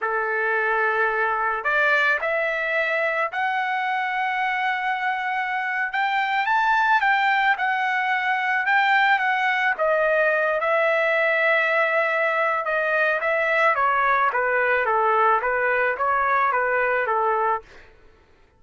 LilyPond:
\new Staff \with { instrumentName = "trumpet" } { \time 4/4 \tempo 4 = 109 a'2. d''4 | e''2 fis''2~ | fis''2~ fis''8. g''4 a''16~ | a''8. g''4 fis''2 g''16~ |
g''8. fis''4 dis''4. e''8.~ | e''2. dis''4 | e''4 cis''4 b'4 a'4 | b'4 cis''4 b'4 a'4 | }